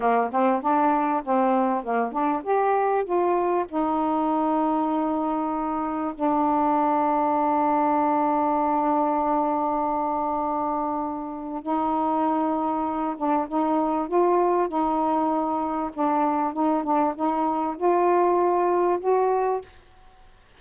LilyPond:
\new Staff \with { instrumentName = "saxophone" } { \time 4/4 \tempo 4 = 98 ais8 c'8 d'4 c'4 ais8 d'8 | g'4 f'4 dis'2~ | dis'2 d'2~ | d'1~ |
d'2. dis'4~ | dis'4. d'8 dis'4 f'4 | dis'2 d'4 dis'8 d'8 | dis'4 f'2 fis'4 | }